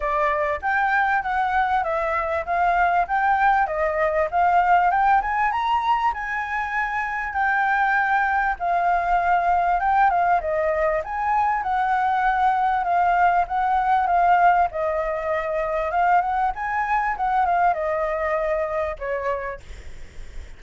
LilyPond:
\new Staff \with { instrumentName = "flute" } { \time 4/4 \tempo 4 = 98 d''4 g''4 fis''4 e''4 | f''4 g''4 dis''4 f''4 | g''8 gis''8 ais''4 gis''2 | g''2 f''2 |
g''8 f''8 dis''4 gis''4 fis''4~ | fis''4 f''4 fis''4 f''4 | dis''2 f''8 fis''8 gis''4 | fis''8 f''8 dis''2 cis''4 | }